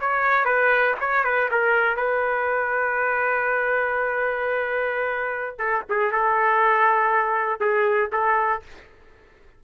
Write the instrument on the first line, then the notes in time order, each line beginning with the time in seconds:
trumpet
0.00 C#5
0.45 B4
1.00 C#5
1.24 B4
1.51 A#4
1.97 B4
5.58 A4
5.89 G#4
6.12 A4
7.60 G#4
8.12 A4